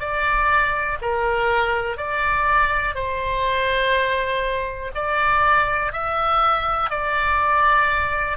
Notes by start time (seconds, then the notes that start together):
0.00 D5
1.02 A#4
1.98 D5
2.95 C5
4.95 D5
5.92 E5
6.90 D5